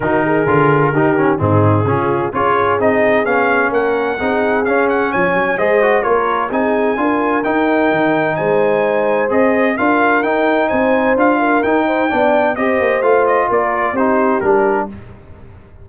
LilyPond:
<<
  \new Staff \with { instrumentName = "trumpet" } { \time 4/4 \tempo 4 = 129 ais'2. gis'4~ | gis'4 cis''4 dis''4 f''4 | fis''2 f''8 fis''8 gis''4 | dis''4 cis''4 gis''2 |
g''2 gis''2 | dis''4 f''4 g''4 gis''4 | f''4 g''2 dis''4 | f''8 dis''8 d''4 c''4 ais'4 | }
  \new Staff \with { instrumentName = "horn" } { \time 4/4 fis'8 gis'4. g'4 dis'4 | f'4 gis'2. | ais'4 gis'2 cis''4 | c''4 ais'4 gis'4 ais'4~ |
ais'2 c''2~ | c''4 ais'2 c''4~ | c''8 ais'4 c''8 d''4 c''4~ | c''4 ais'4 g'2 | }
  \new Staff \with { instrumentName = "trombone" } { \time 4/4 dis'4 f'4 dis'8 cis'8 c'4 | cis'4 f'4 dis'4 cis'4~ | cis'4 dis'4 cis'2 | gis'8 fis'8 f'4 dis'4 f'4 |
dis'1 | gis'4 f'4 dis'2 | f'4 dis'4 d'4 g'4 | f'2 dis'4 d'4 | }
  \new Staff \with { instrumentName = "tuba" } { \time 4/4 dis4 d4 dis4 gis,4 | cis4 cis'4 c'4 b4 | ais4 c'4 cis'4 f8 fis8 | gis4 ais4 c'4 d'4 |
dis'4 dis4 gis2 | c'4 d'4 dis'4 c'4 | d'4 dis'4 b4 c'8 ais8 | a4 ais4 c'4 g4 | }
>>